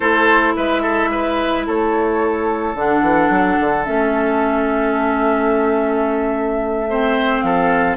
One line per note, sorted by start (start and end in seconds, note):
0.00 0.55 A3
0.00 2.75 E4
0.00 0.53 A4
0.00 0.55 C5
0.56 1.67 G#3
0.56 0.82 B4
0.56 1.66 E5
0.82 1.09 A4
1.11 1.66 B4
1.66 2.74 A3
1.66 6.89 A4
1.66 2.75 C#5
2.74 3.01 D3
2.74 3.84 D4
2.74 3.84 F#5
3.01 3.29 E3
3.29 3.57 F#3
3.60 3.87 D3
3.84 7.42 A3
3.84 6.87 C#4
3.84 7.40 E5
6.89 7.97 C4
6.89 7.44 C5
7.40 7.97 F3
7.40 7.97 A4
7.40 7.96 F5